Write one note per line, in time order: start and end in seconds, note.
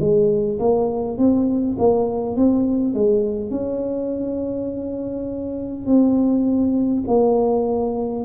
0.00 0.59 G#3
0.59 1.18 A#3
1.18 1.76 C4
1.79 2.36 A#3
2.36 2.94 C4
2.94 3.51 G#3
3.51 5.86 C#4
5.86 7.04 C4
7.07 8.25 A#3